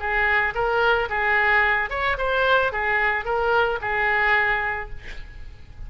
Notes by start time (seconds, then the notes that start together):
0.00 G#4
0.55 A#4
1.10 G#4
1.90 C#5
2.18 C5
2.73 G#4
3.25 A#4
3.82 G#4